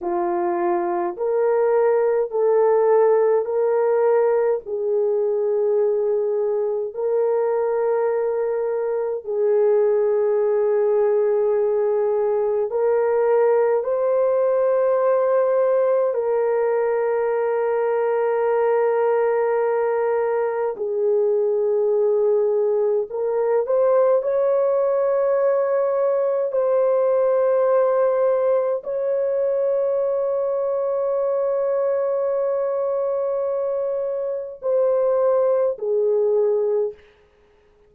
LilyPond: \new Staff \with { instrumentName = "horn" } { \time 4/4 \tempo 4 = 52 f'4 ais'4 a'4 ais'4 | gis'2 ais'2 | gis'2. ais'4 | c''2 ais'2~ |
ais'2 gis'2 | ais'8 c''8 cis''2 c''4~ | c''4 cis''2.~ | cis''2 c''4 gis'4 | }